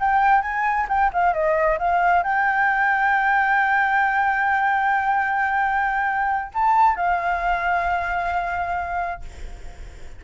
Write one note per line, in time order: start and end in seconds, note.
0.00 0.42 G5
0.42 0.87 G#5
0.89 1.11 G5
1.13 1.33 F5
1.33 1.79 D#5
1.79 2.23 F5
2.23 6.52 G5
6.54 6.96 A5
6.96 9.22 F5